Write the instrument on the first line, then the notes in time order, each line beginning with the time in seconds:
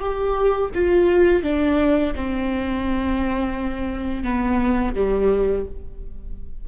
viola
0.00 G4
0.74 F4
1.43 D4
2.16 C4
4.24 B3
4.95 G3